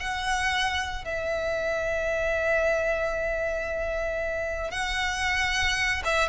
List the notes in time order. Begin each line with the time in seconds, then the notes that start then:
0.00 F#5
1.05 E5
4.71 F#5
6.05 E5